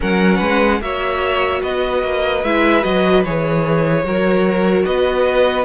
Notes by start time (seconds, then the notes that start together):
0.00 F#3 C#4 A#4 F#5
0.37 G#3 B4
0.81 A#3 F#4 C#5 E5
1.61 B3 B4 D#5
2.03 A#3
2.43 G#3 E4 E5
2.81 F#3 F#4 D#5
3.24 E3 G#4 C#5
4.04 F#3 F#4 A#4
4.84 B3 B4 D#5